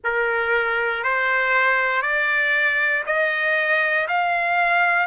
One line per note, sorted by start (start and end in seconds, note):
0.04 1.03 A#4
1.03 2.02 C5
2.02 3.03 D5
3.06 4.07 D#5
4.08 5.06 F5